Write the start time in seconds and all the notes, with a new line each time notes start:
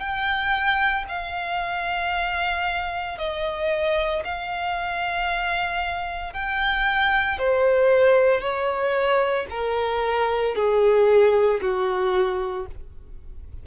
0.00 G5
1.09 F5
3.18 D#5
4.24 F5
6.33 G5
7.39 C5
8.41 C#5
9.50 A#4
10.56 G#4
11.61 F#4